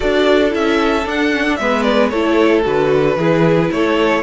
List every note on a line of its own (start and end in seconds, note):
0.00 0.54 D4
0.00 0.50 F#4
0.00 1.57 A4
0.00 0.52 D5
0.50 1.06 C#4
0.50 1.03 E4
0.50 1.07 E5
1.05 1.31 D4
1.05 1.59 D4
1.05 1.56 F#5
1.33 1.46 C#4
1.46 1.59 D4
1.56 2.12 G#3
1.56 2.12 B3
1.56 2.11 B4
1.56 1.82 E5
1.82 2.09 D5
2.09 2.65 A3
2.09 2.63 E4
2.09 3.17 A4
2.09 2.62 C#5
2.63 3.16 D3
2.63 3.16 F#4
2.63 3.71 B4
3.16 3.69 E3
3.16 4.22 E4
3.16 3.71 G#4
3.71 4.22 A3
3.71 4.22 A4
3.71 4.22 C#5